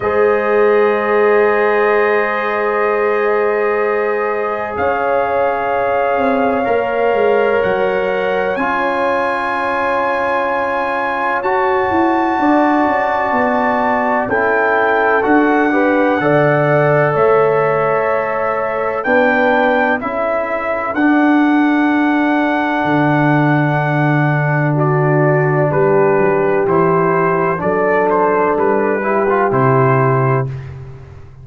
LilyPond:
<<
  \new Staff \with { instrumentName = "trumpet" } { \time 4/4 \tempo 4 = 63 dis''1~ | dis''4 f''2. | fis''4 gis''2. | a''2. g''4 |
fis''2 e''2 | g''4 e''4 fis''2~ | fis''2 d''4 b'4 | c''4 d''8 c''8 b'4 c''4 | }
  \new Staff \with { instrumentName = "horn" } { \time 4/4 c''1~ | c''4 cis''2.~ | cis''1~ | cis''4 d''2 a'4~ |
a'8 b'8 d''4 cis''2 | b'4 a'2.~ | a'2 fis'4 g'4~ | g'4 a'4. g'4. | }
  \new Staff \with { instrumentName = "trombone" } { \time 4/4 gis'1~ | gis'2. ais'4~ | ais'4 f'2. | fis'2. e'4 |
fis'8 g'8 a'2. | d'4 e'4 d'2~ | d'1 | e'4 d'4. e'16 f'16 e'4 | }
  \new Staff \with { instrumentName = "tuba" } { \time 4/4 gis1~ | gis4 cis'4. c'8 ais8 gis8 | fis4 cis'2. | fis'8 e'8 d'8 cis'8 b4 cis'4 |
d'4 d4 a2 | b4 cis'4 d'2 | d2. g8 fis8 | e4 fis4 g4 c4 | }
>>